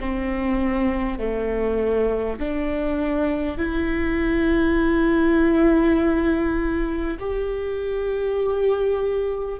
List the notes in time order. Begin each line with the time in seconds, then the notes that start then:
0.00 C4
1.19 A3
2.39 D4
3.58 E4
7.19 G4